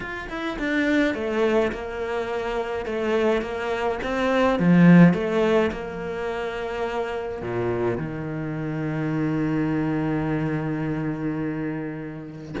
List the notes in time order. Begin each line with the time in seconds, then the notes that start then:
0.00 F4
0.29 E4
0.58 D4
1.14 A3
1.71 A#3
2.85 A3
3.41 A#3
4.03 C4
4.59 F3
5.13 A3
5.71 A#3
7.42 A#2
7.97 D#3